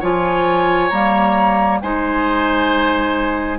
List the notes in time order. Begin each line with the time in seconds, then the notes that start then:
0.00 F3 F4 C#5 G#5
0.90 G3 A#3 A#5
1.81 G#3 D#4 C5 G#5